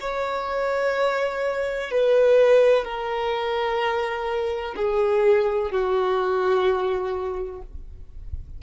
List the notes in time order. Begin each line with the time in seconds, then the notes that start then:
0.00 C#5
1.91 B4
2.84 A#4
4.76 G#4
5.71 F#4